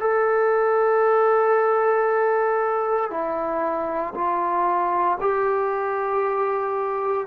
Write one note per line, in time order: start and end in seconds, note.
0.00 3.10 A4
3.10 4.13 E4
4.14 5.18 F4
5.20 7.26 G4